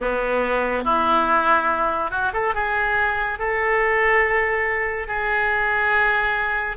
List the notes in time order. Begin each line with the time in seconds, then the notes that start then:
0.00 B3
0.84 E4
2.10 F#4
2.33 A4
2.54 G#4
3.38 A4
5.07 G#4